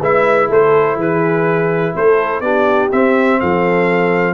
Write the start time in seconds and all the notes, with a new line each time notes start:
0.00 G#3 E4 B4 E5
0.49 A3 A4 C5
0.96 E3 G#4 B4
1.95 A3 A4 C5
2.41 B3 D4 G4 D5
2.91 C4 E5
3.40 F3 A4 F5